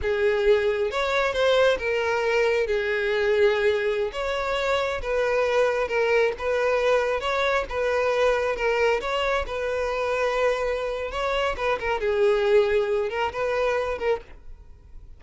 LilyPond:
\new Staff \with { instrumentName = "violin" } { \time 4/4 \tempo 4 = 135 gis'2 cis''4 c''4 | ais'2 gis'2~ | gis'4~ gis'16 cis''2 b'8.~ | b'4~ b'16 ais'4 b'4.~ b'16~ |
b'16 cis''4 b'2 ais'8.~ | ais'16 cis''4 b'2~ b'8.~ | b'4 cis''4 b'8 ais'8 gis'4~ | gis'4. ais'8 b'4. ais'8 | }